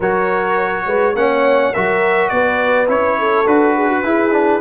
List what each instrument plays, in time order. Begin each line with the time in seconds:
0.00 tuba F#3, trombone F#4, horn A#4, trumpet C#5
0.86 tuba G#3, horn B4
1.14 tuba A#3, trombone C#4, horn C#5, trumpet F#5
1.73 tuba F#3, trombone F#4, horn A#4, trumpet E5
2.28 tuba B3, horn B4, trumpet D5
2.87 tuba C#4, trombone E4, trumpet C#5
3.19 horn A4
3.46 tuba D4, trombone F#4, trumpet B4
3.76 horn G#4
3.89 horn F#4
4.03 trombone E4, tuba E4, horn G#4
4.31 trombone D4